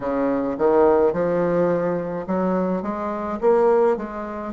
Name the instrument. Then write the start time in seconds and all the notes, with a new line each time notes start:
bassoon
0.00 C#3
0.58 D#3
1.12 F3
2.26 F#3
2.82 G#3
3.41 A#3
3.96 G#3